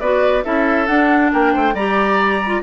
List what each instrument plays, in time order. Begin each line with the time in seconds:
0.00 bassoon B3, clarinet F#4, oboe B4, flute D5
0.44 bassoon C#4, clarinet E4, oboe A4, flute E5
0.87 bassoon D4, clarinet D4, flute F#5
1.33 bassoon A#3, oboe A#4, flute G5
1.53 bassoon A3, oboe C5
1.74 bassoon G3, clarinet G4, oboe D5, flute A#5
2.46 clarinet F4